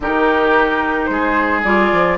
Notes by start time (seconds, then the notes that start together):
0.00 D#3 D#4 G4 A#4
1.05 G#3 G#4 C5
1.64 G3 F4 D5
1.92 F3